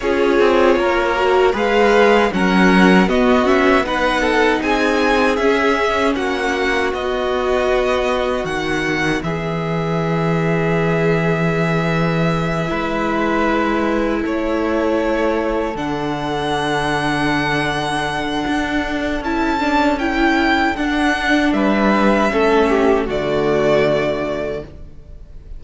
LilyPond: <<
  \new Staff \with { instrumentName = "violin" } { \time 4/4 \tempo 4 = 78 cis''2 f''4 fis''4 | dis''8 e''8 fis''4 gis''4 e''4 | fis''4 dis''2 fis''4 | e''1~ |
e''2~ e''8 cis''4.~ | cis''8 fis''2.~ fis''8~ | fis''4 a''4 g''4 fis''4 | e''2 d''2 | }
  \new Staff \with { instrumentName = "violin" } { \time 4/4 gis'4 ais'4 b'4 ais'4 | fis'4 b'8 a'8 gis'2 | fis'1 | gis'1~ |
gis'8 b'2 a'4.~ | a'1~ | a'1 | b'4 a'8 g'8 fis'2 | }
  \new Staff \with { instrumentName = "viola" } { \time 4/4 f'4. fis'8 gis'4 cis'4 | b8 cis'8 dis'2 cis'4~ | cis'4 b2.~ | b1~ |
b8 e'2.~ e'8~ | e'8 d'2.~ d'8~ | d'4 e'8 d'8 e'4 d'4~ | d'4 cis'4 a2 | }
  \new Staff \with { instrumentName = "cello" } { \time 4/4 cis'8 c'8 ais4 gis4 fis4 | b2 c'4 cis'4 | ais4 b2 dis4 | e1~ |
e8 gis2 a4.~ | a8 d2.~ d8 | d'4 cis'2 d'4 | g4 a4 d2 | }
>>